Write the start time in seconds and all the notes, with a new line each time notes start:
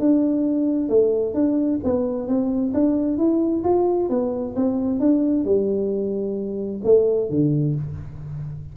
0.00 D4
0.89 A3
1.34 D4
1.84 B3
2.28 C4
2.74 D4
3.18 E4
3.64 F4
4.10 B3
4.56 C4
5.00 D4
5.45 G3
6.84 A3
7.30 D3